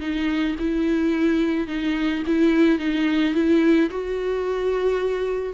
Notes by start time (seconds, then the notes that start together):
0.00 D#4
0.59 E4
1.67 D#4
2.27 E4
2.79 D#4
3.34 E4
3.90 F#4